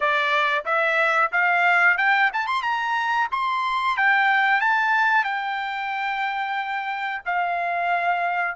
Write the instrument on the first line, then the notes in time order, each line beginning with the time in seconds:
trumpet
0.00 D5
0.65 E5
1.32 F5
1.98 G5
2.33 A5
2.47 C6
2.62 A#5
3.31 C6
3.97 G5
4.60 A5
5.24 G5
7.25 F5